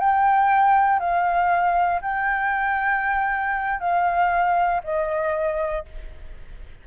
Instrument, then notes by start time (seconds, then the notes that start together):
flute
0.00 G5
1.00 F5
2.02 G5
3.80 F5
4.84 D#5